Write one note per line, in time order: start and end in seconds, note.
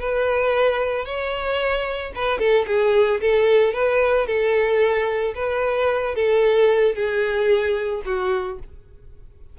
0.00 1.06 B4
1.06 2.13 C#5
2.16 2.39 B4
2.39 2.66 A4
2.67 3.21 G#4
3.21 3.74 A4
3.74 4.27 B4
4.27 5.34 A4
5.35 6.16 B4
6.16 6.95 A4
6.95 8.03 G#4
8.06 8.59 F#4